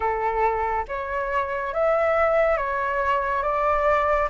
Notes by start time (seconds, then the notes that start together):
0.00 A4
0.88 C#5
1.73 E5
2.57 C#5
3.42 D5